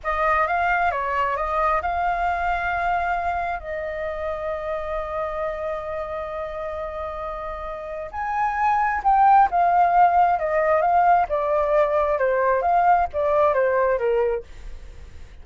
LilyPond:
\new Staff \with { instrumentName = "flute" } { \time 4/4 \tempo 4 = 133 dis''4 f''4 cis''4 dis''4 | f''1 | dis''1~ | dis''1~ |
dis''2 gis''2 | g''4 f''2 dis''4 | f''4 d''2 c''4 | f''4 d''4 c''4 ais'4 | }